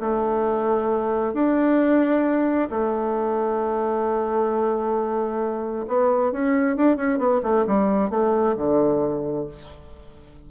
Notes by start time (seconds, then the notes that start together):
0.00 A3
1.34 D4
2.70 A3
5.88 B3
6.32 C#4
6.77 D4
6.97 C#4
7.18 B3
7.43 A3
7.67 G3
8.10 A3
8.57 D3